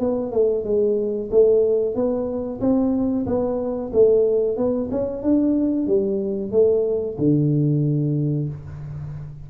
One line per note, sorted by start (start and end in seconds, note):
0.00 0.32 B3
0.32 0.64 A3
0.64 1.30 G#3
1.31 1.95 A3
1.95 2.60 B3
2.61 3.26 C4
3.26 3.92 B3
3.93 4.57 A3
4.57 4.90 B3
4.91 5.23 C#4
5.23 5.87 D4
5.87 6.51 G3
6.51 7.17 A3
7.18 8.49 D3